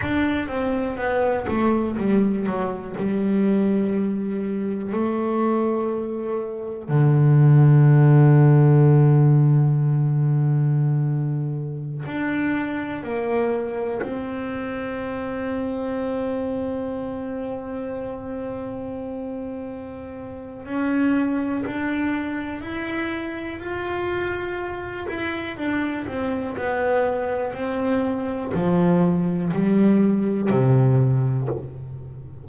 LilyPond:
\new Staff \with { instrumentName = "double bass" } { \time 4/4 \tempo 4 = 61 d'8 c'8 b8 a8 g8 fis8 g4~ | g4 a2 d4~ | d1~ | d16 d'4 ais4 c'4.~ c'16~ |
c'1~ | c'4 cis'4 d'4 e'4 | f'4. e'8 d'8 c'8 b4 | c'4 f4 g4 c4 | }